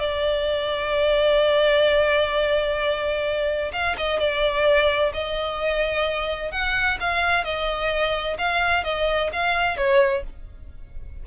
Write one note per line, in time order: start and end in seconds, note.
0.00 3.72 D5
3.73 3.96 F5
3.98 4.20 D#5
4.20 5.13 D5
5.14 6.52 D#5
6.52 6.99 F#5
7.01 7.45 F5
7.45 8.38 D#5
8.39 8.85 F5
8.85 9.31 D#5
9.33 9.78 F5
9.78 10.24 C#5